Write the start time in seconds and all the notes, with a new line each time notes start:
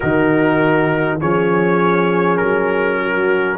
0.00 D#3 D#4 F#4 A#4
1.20 F3 C#4 G#4 C#5
2.37 F#3 A#4
3.01 F#4